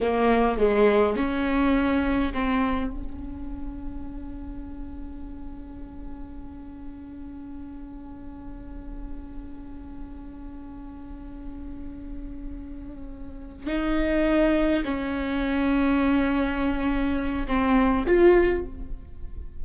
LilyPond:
\new Staff \with { instrumentName = "viola" } { \time 4/4 \tempo 4 = 103 ais4 gis4 cis'2 | c'4 cis'2.~ | cis'1~ | cis'1~ |
cis'1~ | cis'2.~ cis'8 dis'8~ | dis'4. cis'2~ cis'8~ | cis'2 c'4 f'4 | }